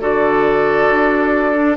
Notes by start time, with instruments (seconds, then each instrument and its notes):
0.00 bassoon D3, clarinet F#4, oboe A4, flute D5
0.90 bassoon D4
1.54 clarinet D4